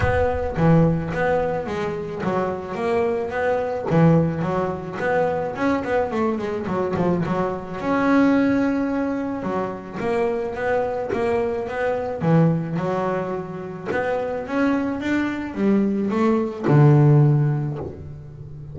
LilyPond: \new Staff \with { instrumentName = "double bass" } { \time 4/4 \tempo 4 = 108 b4 e4 b4 gis4 | fis4 ais4 b4 e4 | fis4 b4 cis'8 b8 a8 gis8 | fis8 f8 fis4 cis'2~ |
cis'4 fis4 ais4 b4 | ais4 b4 e4 fis4~ | fis4 b4 cis'4 d'4 | g4 a4 d2 | }